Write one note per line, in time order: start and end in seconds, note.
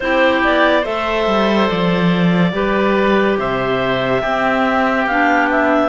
0.00 0.43 C4
0.00 0.83 E4
0.00 0.81 G4
0.00 0.42 C5
0.43 0.85 B3
0.43 0.85 D5
0.81 1.27 A3
0.81 2.52 A4
0.81 2.50 C5
0.81 1.68 E5
1.27 1.69 G3
1.68 2.52 F3
1.68 3.37 D5
2.52 3.36 G3
2.52 4.21 G4
2.52 3.39 B4
3.39 4.23 C3
3.39 4.21 C5
3.39 5.06 E5
4.21 5.06 C4
4.21 5.10 C4
4.21 5.89 G4
5.06 5.89 B3
5.06 5.89 D4
5.06 5.48 F5
5.50 5.89 E5